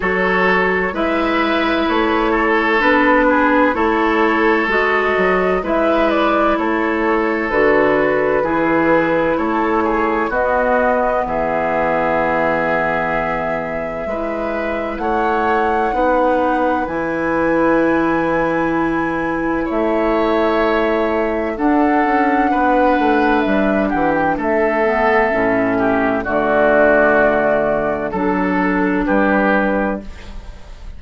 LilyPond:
<<
  \new Staff \with { instrumentName = "flute" } { \time 4/4 \tempo 4 = 64 cis''4 e''4 cis''4 b'4 | cis''4 dis''4 e''8 d''8 cis''4 | b'2 cis''4 dis''4 | e''1 |
fis''2 gis''2~ | gis''4 e''2 fis''4~ | fis''4 e''8 fis''16 g''16 e''2 | d''2 a'4 b'4 | }
  \new Staff \with { instrumentName = "oboe" } { \time 4/4 a'4 b'4. a'4 gis'8 | a'2 b'4 a'4~ | a'4 gis'4 a'8 gis'8 fis'4 | gis'2. b'4 |
cis''4 b'2.~ | b'4 cis''2 a'4 | b'4. g'8 a'4. g'8 | fis'2 a'4 g'4 | }
  \new Staff \with { instrumentName = "clarinet" } { \time 4/4 fis'4 e'2 d'4 | e'4 fis'4 e'2 | fis'4 e'2 b4~ | b2. e'4~ |
e'4 dis'4 e'2~ | e'2. d'4~ | d'2~ d'8 b8 cis'4 | a2 d'2 | }
  \new Staff \with { instrumentName = "bassoon" } { \time 4/4 fis4 gis4 a4 b4 | a4 gis8 fis8 gis4 a4 | d4 e4 a4 b4 | e2. gis4 |
a4 b4 e2~ | e4 a2 d'8 cis'8 | b8 a8 g8 e8 a4 a,4 | d2 fis4 g4 | }
>>